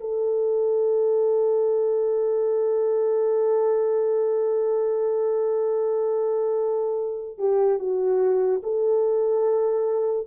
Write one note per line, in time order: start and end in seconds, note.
0.00 7.38 A4
7.38 7.79 G4
7.79 8.62 F#4
8.63 10.27 A4